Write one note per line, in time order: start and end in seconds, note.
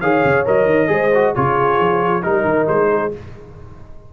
0.00 0.23 D#3
0.00 0.45 G#4
0.00 0.89 C#5
0.00 0.44 F5
0.24 0.46 C#3
0.45 0.65 F#3
0.45 0.87 A#4
0.45 1.35 D#5
0.65 0.87 D#3
0.87 1.33 G#3
0.87 1.10 G#4
0.87 1.34 C5
1.14 1.35 F#4
1.34 1.79 C#3
1.34 2.22 F4
1.34 2.23 G#4
1.34 2.22 C#5
1.79 2.23 F3
2.22 2.44 G3
2.22 3.11 D#4
2.22 2.66 A#4
2.22 2.89 A#4
2.44 2.66 D#3
2.68 3.13 G#3
2.68 3.12 C5
2.89 3.12 G#4